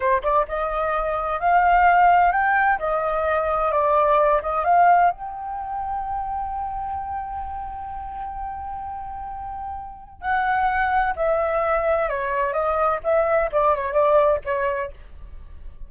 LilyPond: \new Staff \with { instrumentName = "flute" } { \time 4/4 \tempo 4 = 129 c''8 d''8 dis''2 f''4~ | f''4 g''4 dis''2 | d''4. dis''8 f''4 g''4~ | g''1~ |
g''1~ | g''2 fis''2 | e''2 cis''4 dis''4 | e''4 d''8 cis''8 d''4 cis''4 | }